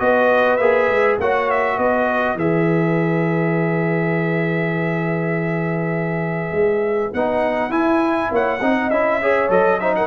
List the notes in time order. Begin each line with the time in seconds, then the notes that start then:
0.00 B3 F#4 B4 D#5
0.57 A#3 G#4 E5
0.89 G#3
1.19 A#3 F#4 C#5 F#5
1.51 E5
1.78 B3 B4 D#5
2.35 E3 G#4 E5
6.52 G#3
7.13 B3 D#4 F#5
7.69 E4 G#5
8.32 A#3 C#5 F#5
8.61 C4 D#4 D#5
8.90 C#4 E4 E5
9.22 G#4 C#5
9.49 F#3 A4 D#5
9.79 D#4 C5 E5
9.96 A#4 F#5